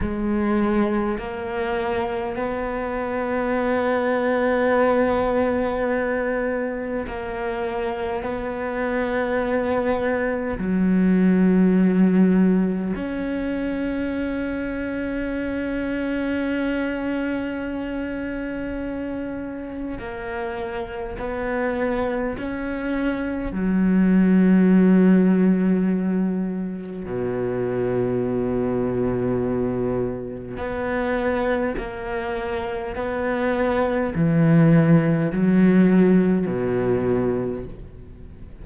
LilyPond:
\new Staff \with { instrumentName = "cello" } { \time 4/4 \tempo 4 = 51 gis4 ais4 b2~ | b2 ais4 b4~ | b4 fis2 cis'4~ | cis'1~ |
cis'4 ais4 b4 cis'4 | fis2. b,4~ | b,2 b4 ais4 | b4 e4 fis4 b,4 | }